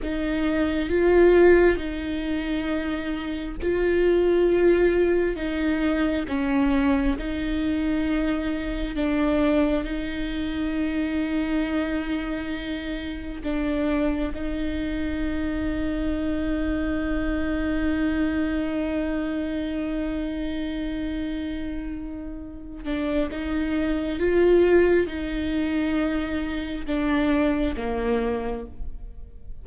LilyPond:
\new Staff \with { instrumentName = "viola" } { \time 4/4 \tempo 4 = 67 dis'4 f'4 dis'2 | f'2 dis'4 cis'4 | dis'2 d'4 dis'4~ | dis'2. d'4 |
dis'1~ | dis'1~ | dis'4. d'8 dis'4 f'4 | dis'2 d'4 ais4 | }